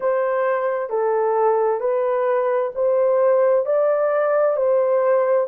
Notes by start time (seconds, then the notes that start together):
0.00 C5
0.89 A4
1.80 B4
2.74 C5
3.65 D5
4.56 C5